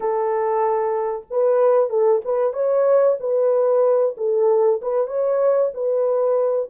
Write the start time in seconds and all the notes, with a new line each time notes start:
0.00 A4
1.30 B4
1.89 A4
2.24 B4
2.53 C#5
3.19 B4
4.17 A4
4.81 B4
5.07 C#5
5.73 B4